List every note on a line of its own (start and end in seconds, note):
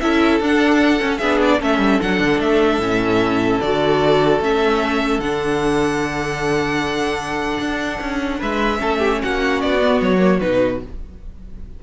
0.00 0.41 C#4
0.00 0.42 E4
0.00 1.19 A4
0.00 0.40 E5
0.41 1.01 D4
0.41 1.00 D4
0.41 1.18 F#5
1.00 1.20 C#4
1.00 1.22 C#4
1.18 1.62 B3
1.18 1.60 D4
1.18 1.59 G#4
1.18 1.38 E5
1.42 1.62 D5
1.59 1.79 A3
1.59 2.00 C#4
1.59 8.39 A4
1.59 2.01 E5
1.79 1.99 G3
2.01 2.21 F#3
2.01 2.82 D4
2.01 2.41 F#5
2.21 2.39 D3
2.39 2.79 A3
2.39 3.61 E5
2.79 3.59 A2
2.79 3.62 C#4
3.61 4.40 D3
3.61 4.42 F#4
3.61 4.41 D5
4.40 5.19 A3
4.40 5.22 C#4
4.40 5.20 E5
5.19 7.59 D3
5.19 8.78 D4
5.19 8.40 F#5
7.60 8.00 D4
8.01 8.41 C#4
8.39 8.82 G#3
8.39 8.79 B4
8.39 9.22 E5
8.78 9.23 A3
8.78 9.78 C#4
8.78 8.98 A4
8.98 9.18 G4
9.23 9.63 A#3
9.23 10.83 F#4
9.23 9.61 F#5
9.61 10.01 B3
9.61 10.01 D5
9.82 10.19 B3
10.01 10.41 F#3
10.01 10.40 C#5
10.19 10.39 A#3
10.40 10.83 B2
10.40 10.81 D#4
10.40 10.80 B4